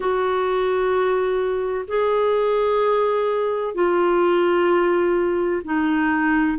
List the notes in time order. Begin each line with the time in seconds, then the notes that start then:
0.00 F#4
1.87 G#4
3.74 F4
5.64 D#4